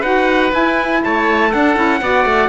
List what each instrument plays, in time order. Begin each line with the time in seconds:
0.00 cello D#4, saxophone F#4, oboe B4, trumpet F#5
0.50 saxophone E4, cello E4, trumpet G#5
1.04 cello A3, oboe C#5, trumpet A5
1.49 saxophone D4, cello D4, oboe A4, trumpet F#5
1.76 cello C#4, saxophone E4
2.01 cello B3, saxophone F#4, oboe D5
2.25 cello A3